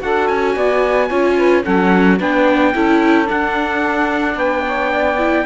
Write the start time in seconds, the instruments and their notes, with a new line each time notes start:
0.00 cello D4, viola F#4, saxophone A4, trumpet F#5
0.28 cello C#4, trumpet G#5
0.56 cello B3, saxophone D5
1.08 cello C#4, viola F4, saxophone C#5
1.37 saxophone B4
1.64 cello F#3, viola C#4, saxophone A4, trumpet F#5
2.19 cello B3, viola D4, saxophone B4, trumpet G5
2.74 cello C#4, viola E4, saxophone A4
3.26 viola D4, trumpet F#5
3.32 cello D4
4.36 cello B3, saxophone B4, trumpet G5
4.66 saxophone C#5
4.92 saxophone D5
5.18 viola E4